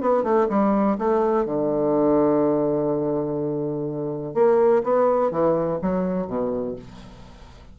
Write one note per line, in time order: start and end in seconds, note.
0.00 0.23 B3
0.23 0.47 A3
0.49 0.97 G3
0.98 1.45 A3
1.45 4.34 D3
4.34 4.82 A#3
4.83 5.30 B3
5.30 5.79 E3
5.82 6.27 F#3
6.27 6.75 B2